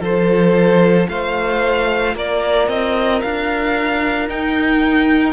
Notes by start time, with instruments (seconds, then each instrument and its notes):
0.00 cello F3, viola F4, violin A4 C5
1.09 cello A3, violin C5 F5
2.15 cello A#3, violin A#4 D5
2.68 cello C4, violin D#5
3.21 cello D4, violin F5
4.29 viola D#4, cello D#4, violin G5